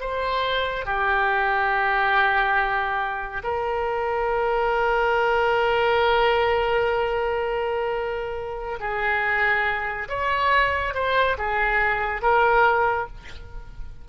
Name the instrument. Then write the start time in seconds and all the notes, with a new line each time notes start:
oboe
0.00 C5
0.85 G4
3.43 A#4
8.79 G#4
10.08 C#5
10.94 C5
11.38 G#4
12.21 A#4